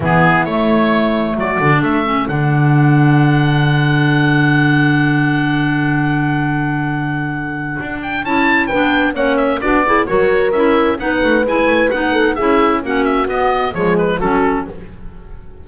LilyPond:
<<
  \new Staff \with { instrumentName = "oboe" } { \time 4/4 \tempo 4 = 131 gis'4 cis''2 d''4 | e''4 fis''2.~ | fis''1~ | fis''1~ |
fis''4. g''8 a''4 g''4 | fis''8 e''8 d''4 cis''4 e''4 | fis''4 gis''4 fis''4 e''4 | fis''8 e''8 dis''4 cis''8 b'8 a'4 | }
  \new Staff \with { instrumentName = "horn" } { \time 4/4 e'2. fis'4 | a'1~ | a'1~ | a'1~ |
a'2. b'4 | cis''4 fis'8 gis'8 ais'2 | b'2~ b'8 a'8 gis'4 | fis'2 gis'4 fis'4 | }
  \new Staff \with { instrumentName = "clarinet" } { \time 4/4 b4 a2~ a8 d'8~ | d'8 cis'8 d'2.~ | d'1~ | d'1~ |
d'2 e'4 d'4 | cis'4 d'8 e'8 fis'4 e'4 | dis'4 e'4 dis'4 e'4 | cis'4 b4 gis4 cis'4 | }
  \new Staff \with { instrumentName = "double bass" } { \time 4/4 e4 a2 fis8 d8 | a4 d2.~ | d1~ | d1~ |
d4 d'4 cis'4 b4 | ais4 b4 fis4 cis'4 | b8 a8 gis8 a8 b4 cis'4 | ais4 b4 f4 fis4 | }
>>